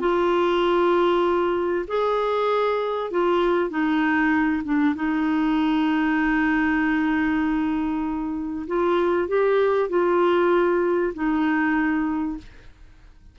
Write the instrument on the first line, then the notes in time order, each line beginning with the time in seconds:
clarinet
0.00 F4
1.88 G#4
3.11 F4
3.70 D#4
4.64 D4
4.95 D#4
8.67 F4
9.28 G4
9.89 F4
11.14 D#4